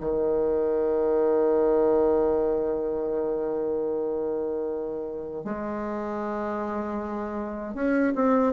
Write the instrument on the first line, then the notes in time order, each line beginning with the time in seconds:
bassoon
0.00 D#3
5.44 G#3
7.74 C#4
8.15 C4